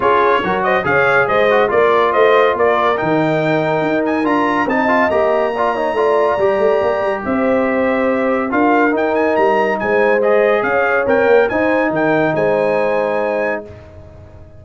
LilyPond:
<<
  \new Staff \with { instrumentName = "trumpet" } { \time 4/4 \tempo 4 = 141 cis''4. dis''8 f''4 dis''4 | d''4 dis''4 d''4 g''4~ | g''4. gis''8 ais''4 a''4 | ais''1~ |
ais''4 e''2. | f''4 g''8 gis''8 ais''4 gis''4 | dis''4 f''4 g''4 gis''4 | g''4 gis''2. | }
  \new Staff \with { instrumentName = "horn" } { \time 4/4 gis'4 ais'8 c''8 cis''4 c''4 | ais'4 c''4 ais'2~ | ais'2. dis''4~ | dis''4 d''8 cis''8 d''2~ |
d''4 c''2. | ais'2. c''4~ | c''4 cis''2 c''4 | ais'4 c''2. | }
  \new Staff \with { instrumentName = "trombone" } { \time 4/4 f'4 fis'4 gis'4. fis'8 | f'2. dis'4~ | dis'2 f'4 dis'8 f'8 | g'4 f'8 dis'8 f'4 g'4~ |
g'1 | f'4 dis'2. | gis'2 ais'4 dis'4~ | dis'1 | }
  \new Staff \with { instrumentName = "tuba" } { \time 4/4 cis'4 fis4 cis4 gis4 | ais4 a4 ais4 dis4~ | dis4 dis'4 d'4 c'4 | ais2 a4 g8 a8 |
ais8 g8 c'2. | d'4 dis'4 g4 gis4~ | gis4 cis'4 c'8 ais8 dis'4 | dis4 gis2. | }
>>